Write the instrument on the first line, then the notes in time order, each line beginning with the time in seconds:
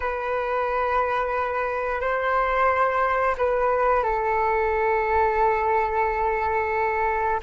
flute
0.00 B4
2.00 C5
3.37 B4
4.03 A4